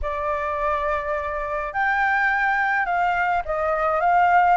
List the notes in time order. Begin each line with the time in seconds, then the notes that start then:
0.02 D5
1.73 G5
2.85 F5
3.45 D#5
4.00 F5